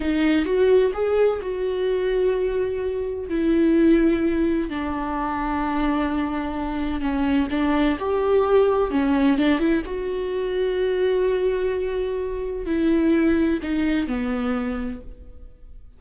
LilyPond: \new Staff \with { instrumentName = "viola" } { \time 4/4 \tempo 4 = 128 dis'4 fis'4 gis'4 fis'4~ | fis'2. e'4~ | e'2 d'2~ | d'2. cis'4 |
d'4 g'2 cis'4 | d'8 e'8 fis'2.~ | fis'2. e'4~ | e'4 dis'4 b2 | }